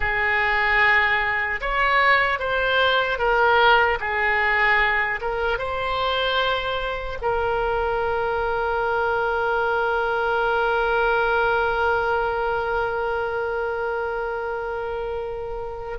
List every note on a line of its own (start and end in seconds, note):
0.00 1.60 G#4
1.60 2.39 C#5
2.39 3.18 C5
3.18 3.98 A#4
4.00 5.20 G#4
5.21 5.58 A#4
5.58 7.18 C5
7.21 15.99 A#4